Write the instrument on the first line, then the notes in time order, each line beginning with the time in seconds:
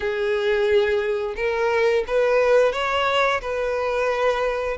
violin
0.00 G#4
1.36 A#4
2.07 B4
2.72 C#5
3.41 B4